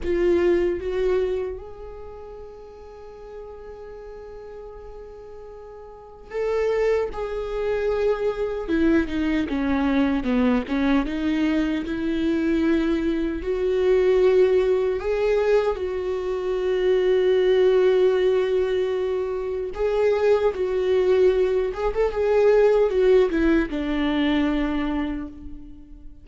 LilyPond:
\new Staff \with { instrumentName = "viola" } { \time 4/4 \tempo 4 = 76 f'4 fis'4 gis'2~ | gis'1 | a'4 gis'2 e'8 dis'8 | cis'4 b8 cis'8 dis'4 e'4~ |
e'4 fis'2 gis'4 | fis'1~ | fis'4 gis'4 fis'4. gis'16 a'16 | gis'4 fis'8 e'8 d'2 | }